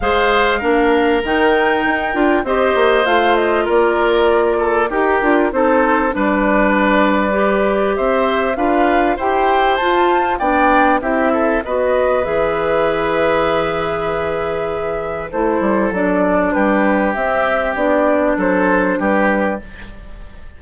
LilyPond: <<
  \new Staff \with { instrumentName = "flute" } { \time 4/4 \tempo 4 = 98 f''2 g''2 | dis''4 f''8 dis''8 d''2 | ais'4 c''4 d''2~ | d''4 e''4 f''4 g''4 |
a''4 g''4 e''4 dis''4 | e''1~ | e''4 c''4 d''4 b'4 | e''4 d''4 c''4 b'4 | }
  \new Staff \with { instrumentName = "oboe" } { \time 4/4 c''4 ais'2. | c''2 ais'4. a'8 | g'4 a'4 b'2~ | b'4 c''4 b'4 c''4~ |
c''4 d''4 g'8 a'8 b'4~ | b'1~ | b'4 a'2 g'4~ | g'2 a'4 g'4 | }
  \new Staff \with { instrumentName = "clarinet" } { \time 4/4 gis'4 d'4 dis'4. f'8 | g'4 f'2. | g'8 f'8 dis'4 d'2 | g'2 f'4 g'4 |
f'4 d'4 e'4 fis'4 | gis'1~ | gis'4 e'4 d'2 | c'4 d'2. | }
  \new Staff \with { instrumentName = "bassoon" } { \time 4/4 gis4 ais4 dis4 dis'8 d'8 | c'8 ais8 a4 ais2 | dis'8 d'8 c'4 g2~ | g4 c'4 d'4 e'4 |
f'4 b4 c'4 b4 | e1~ | e4 a8 g8 fis4 g4 | c'4 b4 fis4 g4 | }
>>